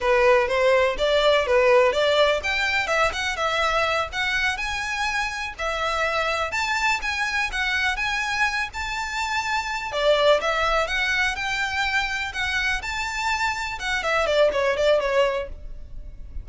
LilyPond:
\new Staff \with { instrumentName = "violin" } { \time 4/4 \tempo 4 = 124 b'4 c''4 d''4 b'4 | d''4 g''4 e''8 fis''8 e''4~ | e''8 fis''4 gis''2 e''8~ | e''4. a''4 gis''4 fis''8~ |
fis''8 gis''4. a''2~ | a''8 d''4 e''4 fis''4 g''8~ | g''4. fis''4 a''4.~ | a''8 fis''8 e''8 d''8 cis''8 d''8 cis''4 | }